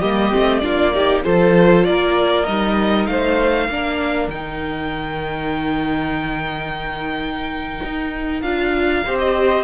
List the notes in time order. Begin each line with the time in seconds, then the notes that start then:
0.00 G3 A#3 G4 D#5
0.32 A3 C4
0.59 A#3 D4 F4 D5
0.94 D#4 G4
1.23 F3 F4 A4 C5
1.84 A#3 A#4 D5
2.45 G3 D#4 D#5
3.06 A3 C5 F5
3.69 A#3 D4 A#4
4.28 D#3 D#4 G5
7.84 D#4
8.41 D4 F4 F5
9.05 C4 G4 C5
9.19 D#5